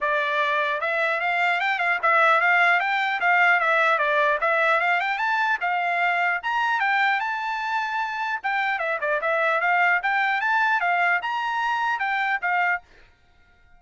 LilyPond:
\new Staff \with { instrumentName = "trumpet" } { \time 4/4 \tempo 4 = 150 d''2 e''4 f''4 | g''8 f''8 e''4 f''4 g''4 | f''4 e''4 d''4 e''4 | f''8 g''8 a''4 f''2 |
ais''4 g''4 a''2~ | a''4 g''4 e''8 d''8 e''4 | f''4 g''4 a''4 f''4 | ais''2 g''4 f''4 | }